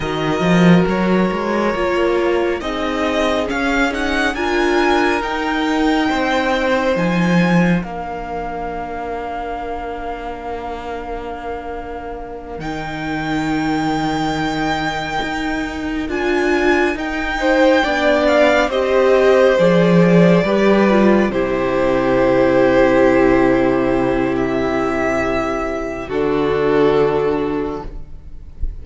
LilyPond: <<
  \new Staff \with { instrumentName = "violin" } { \time 4/4 \tempo 4 = 69 dis''4 cis''2 dis''4 | f''8 fis''8 gis''4 g''2 | gis''4 f''2.~ | f''2~ f''8 g''4.~ |
g''2~ g''8 gis''4 g''8~ | g''4 f''8 dis''4 d''4.~ | d''8 c''2.~ c''8 | e''2 a'2 | }
  \new Staff \with { instrumentName = "violin" } { \time 4/4 ais'2. gis'4~ | gis'4 ais'2 c''4~ | c''4 ais'2.~ | ais'1~ |
ais'1 | c''8 d''4 c''2 b'8~ | b'8 g'2.~ g'8~ | g'2 fis'2 | }
  \new Staff \with { instrumentName = "viola" } { \time 4/4 fis'2 f'4 dis'4 | cis'8 dis'8 f'4 dis'2~ | dis'4 d'2.~ | d'2~ d'8 dis'4.~ |
dis'2~ dis'8 f'4 dis'8~ | dis'8 d'4 g'4 gis'4 g'8 | f'8 e'2.~ e'8~ | e'2 d'2 | }
  \new Staff \with { instrumentName = "cello" } { \time 4/4 dis8 f8 fis8 gis8 ais4 c'4 | cis'4 d'4 dis'4 c'4 | f4 ais2.~ | ais2~ ais8 dis4.~ |
dis4. dis'4 d'4 dis'8~ | dis'8 b4 c'4 f4 g8~ | g8 c2.~ c8~ | c2 d2 | }
>>